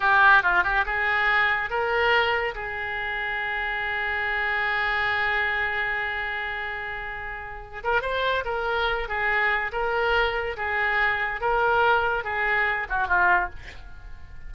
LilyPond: \new Staff \with { instrumentName = "oboe" } { \time 4/4 \tempo 4 = 142 g'4 f'8 g'8 gis'2 | ais'2 gis'2~ | gis'1~ | gis'1~ |
gis'2~ gis'8 ais'8 c''4 | ais'4. gis'4. ais'4~ | ais'4 gis'2 ais'4~ | ais'4 gis'4. fis'8 f'4 | }